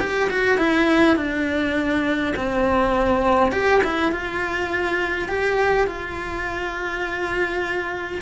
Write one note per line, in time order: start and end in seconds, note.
0.00 0.29 G4
0.30 0.58 F#4
0.58 1.16 E4
1.16 2.34 D4
2.36 3.52 C4
3.52 3.81 G4
3.84 4.12 E4
4.12 5.29 F4
5.29 5.87 G4
5.87 8.22 F4